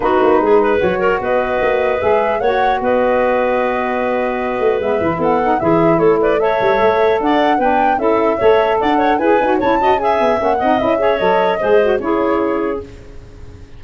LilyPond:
<<
  \new Staff \with { instrumentName = "flute" } { \time 4/4 \tempo 4 = 150 b'2 cis''4 dis''4~ | dis''4 e''4 fis''4 dis''4~ | dis''1 | e''4 fis''4 e''4 cis''8 d''8 |
e''2 fis''4 g''4 | e''2 fis''4 gis''4 | a''4 gis''4 fis''4 e''4 | dis''2 cis''2 | }
  \new Staff \with { instrumentName = "clarinet" } { \time 4/4 fis'4 gis'8 b'4 ais'8 b'4~ | b'2 cis''4 b'4~ | b'1~ | b'4 a'4 gis'4 a'8 b'8 |
cis''2 d''4 b'4 | a'4 cis''4 d''8 cis''8 b'4 | cis''8 dis''8 e''4. dis''4 cis''8~ | cis''4 c''4 gis'2 | }
  \new Staff \with { instrumentName = "saxophone" } { \time 4/4 dis'2 fis'2~ | fis'4 gis'4 fis'2~ | fis'1 | b8 e'4 dis'8 e'2 |
a'2. d'4 | e'4 a'2 gis'8 fis'8 | e'8 fis'8 gis'4 cis'8 dis'8 e'8 gis'8 | a'4 gis'8 fis'8 e'2 | }
  \new Staff \with { instrumentName = "tuba" } { \time 4/4 b8 ais8 gis4 fis4 b4 | ais4 gis4 ais4 b4~ | b2.~ b8 a8 | gis8 e8 b4 e4 a4~ |
a8 g8 a4 d'4 b4 | cis'4 a4 d'4 e'8 dis'8 | cis'4. b8 ais8 c'8 cis'4 | fis4 gis4 cis'2 | }
>>